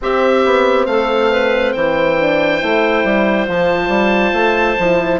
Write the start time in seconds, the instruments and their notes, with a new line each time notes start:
0.01 bassoon C4, horn C4, clarinet G4, oboe E5
0.45 bassoon B3
0.86 bassoon A3, clarinet A4, oboe F5
1.30 clarinet B4
1.72 bassoon E3, clarinet C5, oboe G5
2.19 horn D4
2.60 bassoon A3, horn E4
3.04 bassoon G3
3.46 bassoon F3, horn F4, oboe A5
3.88 bassoon G3
4.32 bassoon A3
4.78 bassoon F3, horn E4